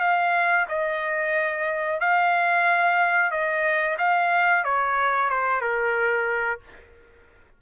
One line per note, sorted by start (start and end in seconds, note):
0.00 0.66 F5
0.68 2.00 D#5
2.00 3.31 F5
3.31 3.97 D#5
3.98 4.64 F5
4.64 5.30 C#5
5.30 5.61 C5
5.61 6.60 A#4